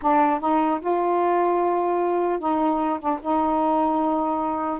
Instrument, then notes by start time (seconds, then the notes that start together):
saxophone
0.02 D4
0.40 D#4
0.80 F4
2.39 D#4
2.99 D4
3.22 D#4